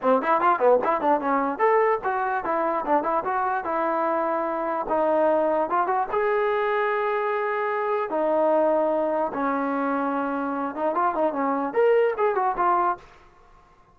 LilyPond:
\new Staff \with { instrumentName = "trombone" } { \time 4/4 \tempo 4 = 148 c'8 e'8 f'8 b8 e'8 d'8 cis'4 | a'4 fis'4 e'4 d'8 e'8 | fis'4 e'2. | dis'2 f'8 fis'8 gis'4~ |
gis'1 | dis'2. cis'4~ | cis'2~ cis'8 dis'8 f'8 dis'8 | cis'4 ais'4 gis'8 fis'8 f'4 | }